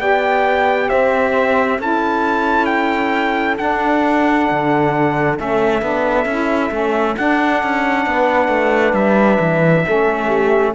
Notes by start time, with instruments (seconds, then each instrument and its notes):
0.00 cello B3, saxophone G4, horn D5, trumpet G5
0.89 cello C4, horn C5, trumpet E5
1.78 cello C#4, saxophone E4, horn A4, trumpet A5
2.66 trumpet G5
3.58 saxophone D4, cello D4, trumpet F#5
4.52 cello D3
5.37 cello A3, saxophone C#4, trumpet E5
5.82 cello B3, saxophone D4
6.26 cello C#4, saxophone E4
6.71 cello A3, saxophone C#4
7.17 saxophone D4, cello D4, trumpet F#5
7.64 cello C#4
8.07 cello B3, horn B4
8.49 cello A3
8.94 cello G3, trumpet E5
9.40 cello E3
9.86 cello A3, saxophone C#4, horn A4
10.28 horn G4